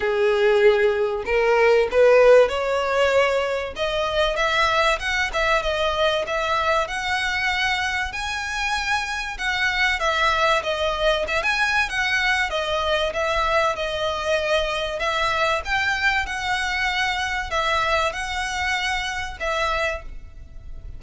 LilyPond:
\new Staff \with { instrumentName = "violin" } { \time 4/4 \tempo 4 = 96 gis'2 ais'4 b'4 | cis''2 dis''4 e''4 | fis''8 e''8 dis''4 e''4 fis''4~ | fis''4 gis''2 fis''4 |
e''4 dis''4 e''16 gis''8. fis''4 | dis''4 e''4 dis''2 | e''4 g''4 fis''2 | e''4 fis''2 e''4 | }